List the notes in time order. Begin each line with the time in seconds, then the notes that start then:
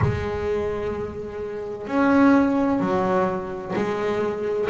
0.01 G#3
1.87 C#4
2.80 F#3
3.75 G#3